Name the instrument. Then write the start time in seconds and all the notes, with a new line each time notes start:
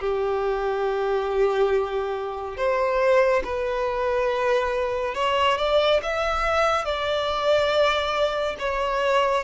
violin
0.00 G4
2.58 C5
3.45 B4
5.15 C#5
5.58 D5
6.03 E5
6.85 D5
8.59 C#5